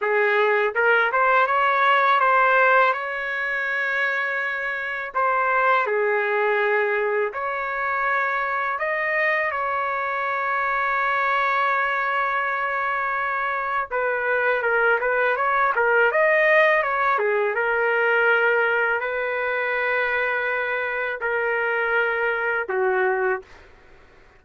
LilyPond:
\new Staff \with { instrumentName = "trumpet" } { \time 4/4 \tempo 4 = 82 gis'4 ais'8 c''8 cis''4 c''4 | cis''2. c''4 | gis'2 cis''2 | dis''4 cis''2.~ |
cis''2. b'4 | ais'8 b'8 cis''8 ais'8 dis''4 cis''8 gis'8 | ais'2 b'2~ | b'4 ais'2 fis'4 | }